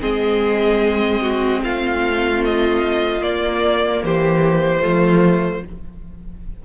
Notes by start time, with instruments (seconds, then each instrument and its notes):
0.00 cello G#3, viola C4, violin G#4 D#5
1.21 violin F#4
1.63 cello A3, violin F4 F5
2.45 violin D#5
3.21 viola A#3, cello A#3, violin D5
4.03 cello E3, violin G4 C5
4.80 cello F3, viola A3, violin F4